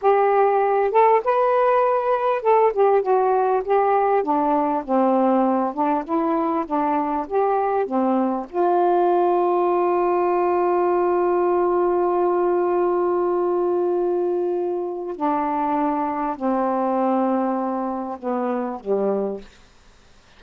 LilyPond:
\new Staff \with { instrumentName = "saxophone" } { \time 4/4 \tempo 4 = 99 g'4. a'8 b'2 | a'8 g'8 fis'4 g'4 d'4 | c'4. d'8 e'4 d'4 | g'4 c'4 f'2~ |
f'1~ | f'1~ | f'4 d'2 c'4~ | c'2 b4 g4 | }